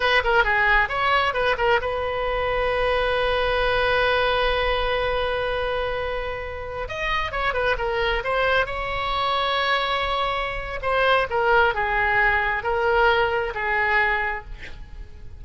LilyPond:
\new Staff \with { instrumentName = "oboe" } { \time 4/4 \tempo 4 = 133 b'8 ais'8 gis'4 cis''4 b'8 ais'8 | b'1~ | b'1~ | b'2.~ b'16 dis''8.~ |
dis''16 cis''8 b'8 ais'4 c''4 cis''8.~ | cis''1 | c''4 ais'4 gis'2 | ais'2 gis'2 | }